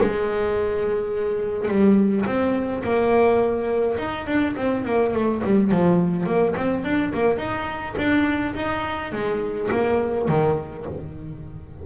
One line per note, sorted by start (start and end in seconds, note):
0.00 1.68 G#3
1.68 2.25 G3
2.26 2.83 C4
2.83 3.97 A#3
3.98 4.26 D#4
4.26 4.55 D4
4.56 4.84 C4
4.84 5.13 A#3
5.13 5.42 A3
5.44 5.71 G3
5.71 6.26 F3
6.26 6.54 A#3
6.56 6.84 C4
6.84 7.12 D4
7.14 7.38 A#3
7.38 7.95 D#4
7.97 8.54 D4
8.55 9.12 D#4
9.12 9.69 G#3
9.71 10.28 A#3
10.28 10.85 D#3